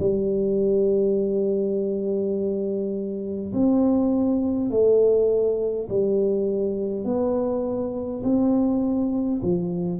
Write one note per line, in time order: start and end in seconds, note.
0.00 3.53 G3
3.53 4.71 C4
4.71 5.88 A3
5.90 7.05 G3
7.05 8.22 B3
8.24 9.42 C4
9.42 10.00 F3